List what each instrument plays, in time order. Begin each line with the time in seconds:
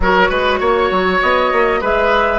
0.00 bassoon F#3, clarinet F#4, oboe A#4, flute C#5
0.29 bassoon G#3, oboe B4
0.60 bassoon A#3, oboe C#5
0.90 bassoon F#3
1.22 bassoon B3, flute D#5
1.52 bassoon A#3
1.80 bassoon G#3, clarinet G#4, oboe B4, flute E5